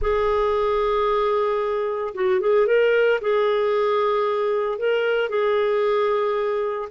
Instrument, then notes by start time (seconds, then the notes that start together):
clarinet
0.01 G#4
2.14 F#4
2.40 G#4
2.66 A#4
3.21 G#4
4.78 A#4
5.29 G#4